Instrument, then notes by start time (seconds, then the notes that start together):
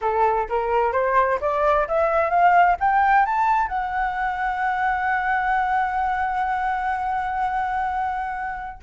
flute
0.01 A4
0.49 A#4
0.92 C5
1.41 D5
1.88 E5
2.30 F5
2.80 G5
3.25 A5
3.68 F#5